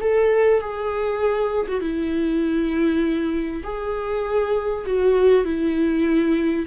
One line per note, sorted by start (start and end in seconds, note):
0.00 0.60 A4
0.60 1.66 G#4
1.68 1.80 F#4
1.80 3.62 E4
3.63 4.85 G#4
4.85 5.44 F#4
5.44 6.66 E4